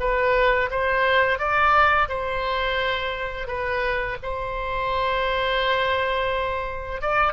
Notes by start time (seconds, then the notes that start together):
0.00 B4
0.71 C5
1.39 D5
2.09 C5
3.47 B4
4.22 C5
7.01 D5